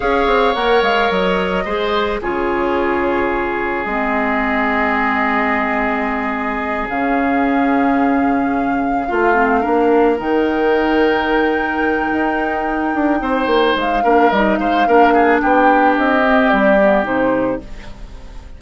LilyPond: <<
  \new Staff \with { instrumentName = "flute" } { \time 4/4 \tempo 4 = 109 f''4 fis''8 f''8 dis''2 | cis''2. dis''4~ | dis''1~ | dis''8 f''2.~ f''8~ |
f''2~ f''8 g''4.~ | g''1~ | g''4 f''4 dis''8 f''4. | g''4 dis''4 d''4 c''4 | }
  \new Staff \with { instrumentName = "oboe" } { \time 4/4 cis''2. c''4 | gis'1~ | gis'1~ | gis'1~ |
gis'8 f'4 ais'2~ ais'8~ | ais'1 | c''4. ais'4 c''8 ais'8 gis'8 | g'1 | }
  \new Staff \with { instrumentName = "clarinet" } { \time 4/4 gis'4 ais'2 gis'4 | f'2. c'4~ | c'1~ | c'8 cis'2.~ cis'8~ |
cis'8 f'8 c'8 d'4 dis'4.~ | dis'1~ | dis'4. d'8 dis'4 d'4~ | d'4. c'4 b8 dis'4 | }
  \new Staff \with { instrumentName = "bassoon" } { \time 4/4 cis'8 c'8 ais8 gis8 fis4 gis4 | cis2. gis4~ | gis1~ | gis8 cis2.~ cis8~ |
cis8 a4 ais4 dis4.~ | dis2 dis'4. d'8 | c'8 ais8 gis8 ais8 g8 gis8 ais4 | b4 c'4 g4 c4 | }
>>